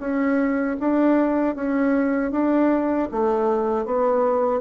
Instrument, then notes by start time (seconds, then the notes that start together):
bassoon
0.00 C#4
0.80 D4
1.56 C#4
2.31 D4
3.11 A3
3.85 B3